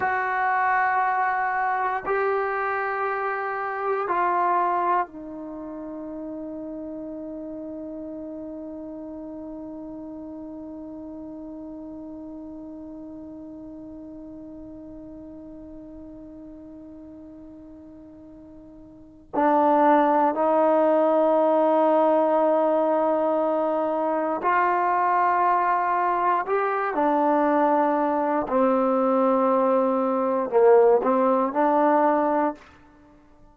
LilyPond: \new Staff \with { instrumentName = "trombone" } { \time 4/4 \tempo 4 = 59 fis'2 g'2 | f'4 dis'2.~ | dis'1~ | dis'1~ |
dis'2. d'4 | dis'1 | f'2 g'8 d'4. | c'2 ais8 c'8 d'4 | }